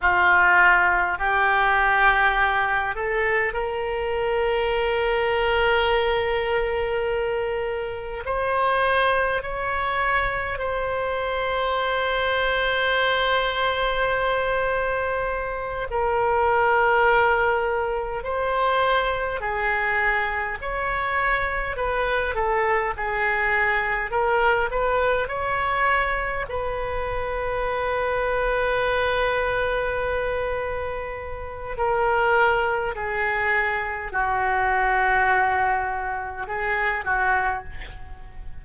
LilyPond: \new Staff \with { instrumentName = "oboe" } { \time 4/4 \tempo 4 = 51 f'4 g'4. a'8 ais'4~ | ais'2. c''4 | cis''4 c''2.~ | c''4. ais'2 c''8~ |
c''8 gis'4 cis''4 b'8 a'8 gis'8~ | gis'8 ais'8 b'8 cis''4 b'4.~ | b'2. ais'4 | gis'4 fis'2 gis'8 fis'8 | }